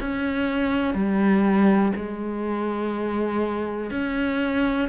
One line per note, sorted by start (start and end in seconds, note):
0.00 0.93 C#4
0.93 1.92 G3
1.95 3.90 G#3
3.90 4.88 C#4